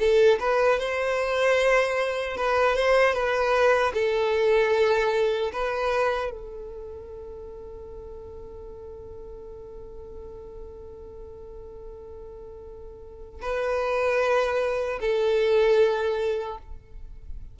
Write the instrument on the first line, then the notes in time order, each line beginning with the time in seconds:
violin
0.00 A4
0.41 B4
0.80 C5
2.37 B4
2.76 C5
3.14 B4
3.94 A4
5.53 B4
6.31 A4
13.42 B4
15.01 A4